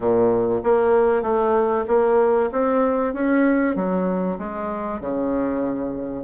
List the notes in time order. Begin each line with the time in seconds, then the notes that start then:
0.00 A#2
0.63 A#3
1.22 A3
1.87 A#3
2.51 C4
3.13 C#4
3.75 F#3
4.38 G#3
5.00 C#3